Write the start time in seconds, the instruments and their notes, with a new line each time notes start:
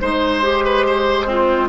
0.00 bassoon G#3, clarinet D#4, flute C5, oboe C5
0.42 clarinet G4
0.64 oboe B4
0.86 oboe C5
1.26 oboe C4, clarinet F4